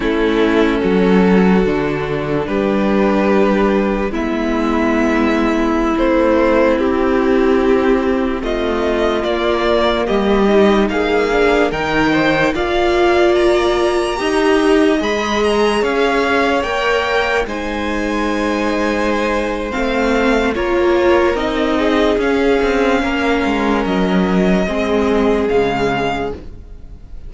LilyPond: <<
  \new Staff \with { instrumentName = "violin" } { \time 4/4 \tempo 4 = 73 a'2. b'4~ | b'4 e''2~ e''16 c''8.~ | c''16 g'2 dis''4 d''8.~ | d''16 dis''4 f''4 g''4 f''8.~ |
f''16 ais''2 b''8 ais''8 f''8.~ | f''16 g''4 gis''2~ gis''8. | f''4 cis''4 dis''4 f''4~ | f''4 dis''2 f''4 | }
  \new Staff \with { instrumentName = "violin" } { \time 4/4 e'4 fis'2 g'4~ | g'4 e'2.~ | e'2~ e'16 f'4.~ f'16~ | f'16 g'4 gis'4 ais'8 c''8 d''8.~ |
d''4~ d''16 dis''2 cis''8.~ | cis''4~ cis''16 c''2~ c''8.~ | c''4 ais'4. gis'4. | ais'2 gis'2 | }
  \new Staff \with { instrumentName = "viola" } { \time 4/4 cis'2 d'2~ | d'4 b2~ b16 c'8.~ | c'2.~ c'16 ais8.~ | ais8. dis'4 d'8 dis'4 f'8.~ |
f'4~ f'16 g'4 gis'4.~ gis'16~ | gis'16 ais'4 dis'2~ dis'8. | c'4 f'4 dis'4 cis'4~ | cis'2 c'4 gis4 | }
  \new Staff \with { instrumentName = "cello" } { \time 4/4 a4 fis4 d4 g4~ | g4 gis2~ gis16 a8.~ | a16 c'2 a4 ais8.~ | ais16 g4 ais4 dis4 ais8.~ |
ais4~ ais16 dis'4 gis4 cis'8.~ | cis'16 ais4 gis2~ gis8. | a4 ais4 c'4 cis'8 c'8 | ais8 gis8 fis4 gis4 cis4 | }
>>